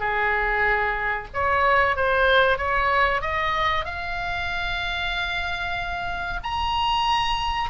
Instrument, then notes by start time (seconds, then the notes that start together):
oboe
0.00 G#4
1.34 C#5
1.96 C5
2.58 C#5
3.22 D#5
3.85 F5
6.44 A#5